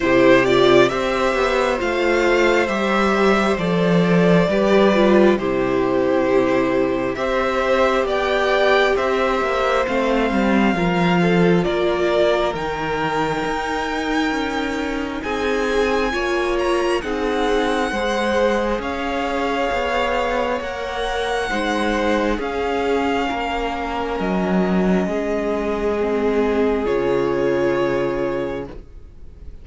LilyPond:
<<
  \new Staff \with { instrumentName = "violin" } { \time 4/4 \tempo 4 = 67 c''8 d''8 e''4 f''4 e''4 | d''2 c''2 | e''4 g''4 e''4 f''4~ | f''4 d''4 g''2~ |
g''4 gis''4. ais''8 fis''4~ | fis''4 f''2 fis''4~ | fis''4 f''2 dis''4~ | dis''2 cis''2 | }
  \new Staff \with { instrumentName = "violin" } { \time 4/4 g'4 c''2.~ | c''4 b'4 g'2 | c''4 d''4 c''2 | ais'8 a'8 ais'2.~ |
ais'4 gis'4 cis''4 gis'4 | c''4 cis''2. | c''4 gis'4 ais'2 | gis'1 | }
  \new Staff \with { instrumentName = "viola" } { \time 4/4 e'8 f'8 g'4 f'4 g'4 | a'4 g'8 f'8 e'2 | g'2. c'4 | f'2 dis'2~ |
dis'2 f'4 dis'4 | gis'2. ais'4 | dis'4 cis'2.~ | cis'4 c'4 f'2 | }
  \new Staff \with { instrumentName = "cello" } { \time 4/4 c4 c'8 b8 a4 g4 | f4 g4 c2 | c'4 b4 c'8 ais8 a8 g8 | f4 ais4 dis4 dis'4 |
cis'4 c'4 ais4 c'4 | gis4 cis'4 b4 ais4 | gis4 cis'4 ais4 fis4 | gis2 cis2 | }
>>